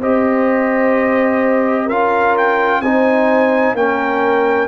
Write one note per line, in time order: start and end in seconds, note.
0.00 1.88 C4
0.00 1.89 G4
0.00 1.85 C5
0.00 1.89 D#5
1.85 2.80 C#4
1.85 2.83 F4
1.85 2.79 A#4
1.85 2.36 F5
2.37 2.81 G5
2.80 3.73 C4
2.80 3.76 D#4
2.80 3.75 C5
2.80 3.75 G#5
3.73 4.67 A#3
3.73 4.67 C#4
3.73 4.67 A#4
3.73 4.67 G5